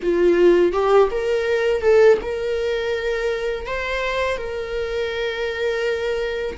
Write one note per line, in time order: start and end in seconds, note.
0.02 0.72 F4
0.72 1.08 G4
1.10 1.81 A#4
1.81 2.18 A4
2.22 3.66 A#4
3.66 4.37 C5
4.37 6.57 A#4